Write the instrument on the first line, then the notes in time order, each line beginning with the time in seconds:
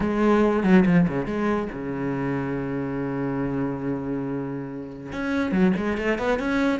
cello
0.00 G#3
0.63 F#3
0.85 F3
1.08 C#3
1.26 G#3
1.72 C#3
5.12 C#4
5.51 F#3
5.76 G#3
5.97 A3
6.18 B3
6.39 C#4